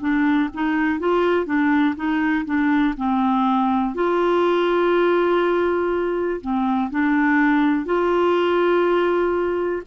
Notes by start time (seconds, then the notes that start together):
0.00 D4
0.54 D#4
0.99 F4
1.46 D4
1.96 D#4
2.45 D4
2.97 C4
3.95 F4
6.41 C4
6.90 D4
7.85 F4